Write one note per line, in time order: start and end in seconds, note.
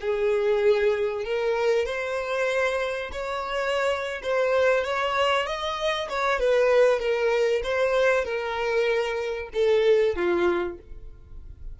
0.00 1.24 G#4
1.24 1.86 A#4
1.86 3.11 C5
3.12 4.21 C#5
4.22 4.84 C5
4.84 5.46 C#5
5.46 6.08 D#5
6.09 6.39 C#5
6.39 6.99 B4
6.99 7.61 A#4
7.63 8.24 C5
8.24 9.49 A#4
9.53 10.15 A4
10.15 10.78 F4